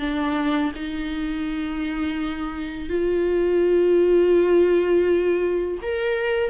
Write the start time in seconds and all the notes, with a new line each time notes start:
0.00 D4
0.76 D#4
2.89 F4
5.83 A#4